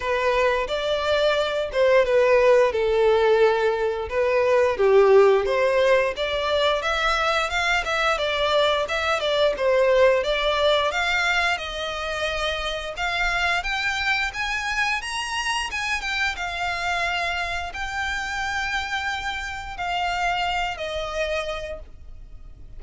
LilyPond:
\new Staff \with { instrumentName = "violin" } { \time 4/4 \tempo 4 = 88 b'4 d''4. c''8 b'4 | a'2 b'4 g'4 | c''4 d''4 e''4 f''8 e''8 | d''4 e''8 d''8 c''4 d''4 |
f''4 dis''2 f''4 | g''4 gis''4 ais''4 gis''8 g''8 | f''2 g''2~ | g''4 f''4. dis''4. | }